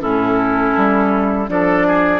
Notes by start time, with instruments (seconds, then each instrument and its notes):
0.00 bassoon A2, clarinet C#4, oboe E4, flute A4
0.77 bassoon G3
1.47 bassoon F3, clarinet D4, oboe A4, flute D5
1.87 oboe G#4